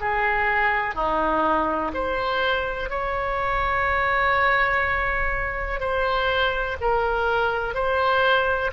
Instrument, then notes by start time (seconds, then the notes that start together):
oboe
0.00 G#4
0.95 D#4
1.94 C5
2.89 C#5
5.80 C5
6.80 A#4
7.74 C5